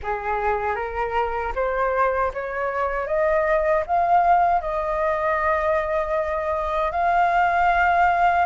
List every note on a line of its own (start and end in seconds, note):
0.02 0.75 G#4
0.75 1.52 A#4
1.55 2.32 C5
2.33 3.07 C#5
3.07 3.84 D#5
3.86 4.61 F5
4.61 6.91 D#5
6.91 8.45 F5